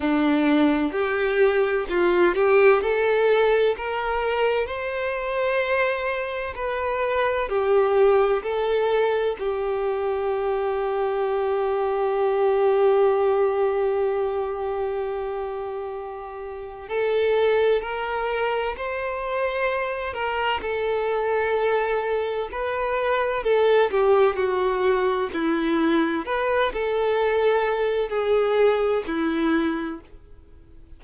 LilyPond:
\new Staff \with { instrumentName = "violin" } { \time 4/4 \tempo 4 = 64 d'4 g'4 f'8 g'8 a'4 | ais'4 c''2 b'4 | g'4 a'4 g'2~ | g'1~ |
g'2 a'4 ais'4 | c''4. ais'8 a'2 | b'4 a'8 g'8 fis'4 e'4 | b'8 a'4. gis'4 e'4 | }